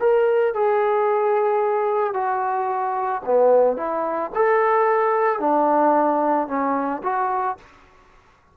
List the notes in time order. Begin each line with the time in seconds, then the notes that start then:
0.00 A#4
0.54 G#4
2.14 F#4
3.25 B3
3.77 E4
4.35 A4
5.40 D4
6.48 C#4
7.03 F#4